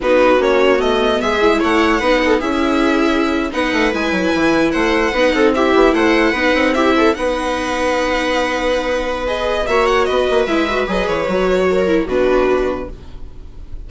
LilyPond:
<<
  \new Staff \with { instrumentName = "violin" } { \time 4/4 \tempo 4 = 149 b'4 cis''4 dis''4 e''4 | fis''2 e''2~ | e''8. fis''4 gis''2 fis''16~ | fis''4.~ fis''16 e''4 fis''4~ fis''16~ |
fis''8. e''4 fis''2~ fis''16~ | fis''2. dis''4 | e''8 fis''8 dis''4 e''4 dis''8 cis''8~ | cis''2 b'2 | }
  \new Staff \with { instrumentName = "viola" } { \time 4/4 fis'2. gis'4 | cis''4 b'8 a'8 gis'2~ | gis'8. b'2. c''16~ | c''8. b'8 a'8 g'4 c''4 b'16~ |
b'8. g'8 a'8 b'2~ b'16~ | b'1 | cis''4 b'2.~ | b'4 ais'4 fis'2 | }
  \new Staff \with { instrumentName = "viola" } { \time 4/4 dis'4 cis'4 b4. e'8~ | e'4 dis'4 e'2~ | e'8. dis'4 e'2~ e'16~ | e'8. dis'4 e'2 dis'16~ |
dis'8. e'4 dis'2~ dis'16~ | dis'2. gis'4 | fis'2 e'8 fis'8 gis'4 | fis'4. e'8 d'2 | }
  \new Staff \with { instrumentName = "bassoon" } { \time 4/4 b4 ais4 a4 gis4 | a4 b4 cis'2~ | cis'8. b8 a8 gis8 fis8 e4 a16~ | a8. b8 c'4 b8 a4 b16~ |
b16 c'4. b2~ b16~ | b1 | ais4 b8 ais8 gis4 fis8 e8 | fis2 b,2 | }
>>